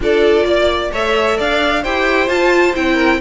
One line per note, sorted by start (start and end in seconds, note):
0.00 0.43 D4
0.00 0.91 F4
0.00 0.45 A4
0.00 0.93 D5
0.44 0.90 A#3
0.44 0.91 D5
0.91 1.38 A3
0.91 1.83 A4
0.91 1.37 C#5
0.91 1.39 E5
1.37 1.84 D4
1.37 1.82 D5
1.37 1.84 F5
1.82 2.29 E4
1.82 2.27 G4
1.82 2.94 C5
1.82 2.28 G5
2.27 2.73 F4
2.27 2.74 F4
2.27 2.74 A5
2.74 3.21 C4
2.74 3.20 E4
2.74 3.21 G5
2.94 3.17 A#4